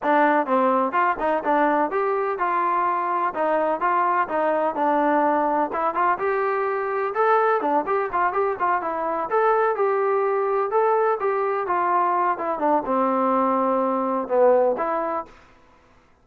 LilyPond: \new Staff \with { instrumentName = "trombone" } { \time 4/4 \tempo 4 = 126 d'4 c'4 f'8 dis'8 d'4 | g'4 f'2 dis'4 | f'4 dis'4 d'2 | e'8 f'8 g'2 a'4 |
d'8 g'8 f'8 g'8 f'8 e'4 a'8~ | a'8 g'2 a'4 g'8~ | g'8 f'4. e'8 d'8 c'4~ | c'2 b4 e'4 | }